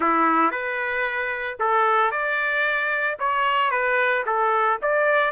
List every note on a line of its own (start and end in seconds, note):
0.00 0.51 E4
0.51 1.57 B4
1.59 2.11 A4
2.11 3.17 D5
3.19 3.70 C#5
3.70 4.23 B4
4.26 4.79 A4
4.81 5.31 D5